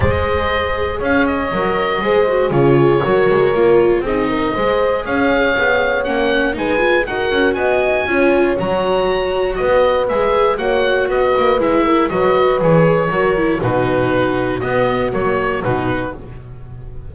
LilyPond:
<<
  \new Staff \with { instrumentName = "oboe" } { \time 4/4 \tempo 4 = 119 dis''2 f''8 dis''4.~ | dis''4 cis''2. | dis''2 f''2 | fis''4 gis''4 fis''4 gis''4~ |
gis''4 ais''2 dis''4 | e''4 fis''4 dis''4 e''4 | dis''4 cis''2 b'4~ | b'4 dis''4 cis''4 b'4 | }
  \new Staff \with { instrumentName = "horn" } { \time 4/4 c''2 cis''2 | c''4 gis'4 ais'2 | gis'8 ais'8 c''4 cis''2~ | cis''4 b'4 ais'4 dis''4 |
cis''2. b'4~ | b'4 cis''4 b'4. ais'8 | b'2 ais'4 fis'4~ | fis'1 | }
  \new Staff \with { instrumentName = "viola" } { \time 4/4 gis'2. ais'4 | gis'8 fis'8 f'4 fis'4 f'4 | dis'4 gis'2. | cis'4 dis'8 f'8 fis'2 |
f'4 fis'2. | gis'4 fis'2 e'4 | fis'4 gis'4 fis'8 e'8 dis'4~ | dis'4 b4 ais4 dis'4 | }
  \new Staff \with { instrumentName = "double bass" } { \time 4/4 gis2 cis'4 fis4 | gis4 cis4 fis8 gis8 ais4 | c'4 gis4 cis'4 b4 | ais4 gis4 dis'8 cis'8 b4 |
cis'4 fis2 b4 | gis4 ais4 b8 ais8 gis4 | fis4 e4 fis4 b,4~ | b,4 b4 fis4 b,4 | }
>>